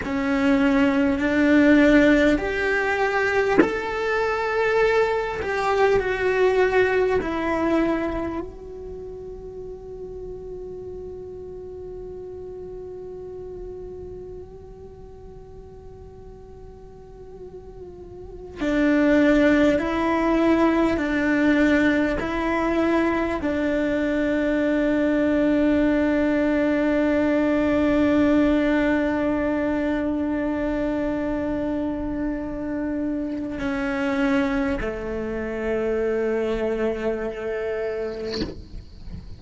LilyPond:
\new Staff \with { instrumentName = "cello" } { \time 4/4 \tempo 4 = 50 cis'4 d'4 g'4 a'4~ | a'8 g'8 fis'4 e'4 fis'4~ | fis'1~ | fis'2.~ fis'8 d'8~ |
d'8 e'4 d'4 e'4 d'8~ | d'1~ | d'1 | cis'4 a2. | }